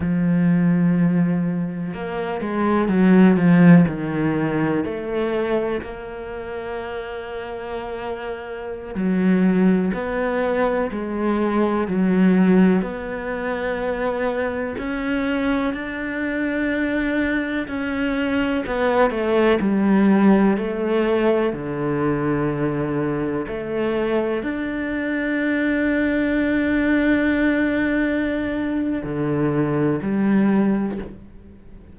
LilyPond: \new Staff \with { instrumentName = "cello" } { \time 4/4 \tempo 4 = 62 f2 ais8 gis8 fis8 f8 | dis4 a4 ais2~ | ais4~ ais16 fis4 b4 gis8.~ | gis16 fis4 b2 cis'8.~ |
cis'16 d'2 cis'4 b8 a16~ | a16 g4 a4 d4.~ d16~ | d16 a4 d'2~ d'8.~ | d'2 d4 g4 | }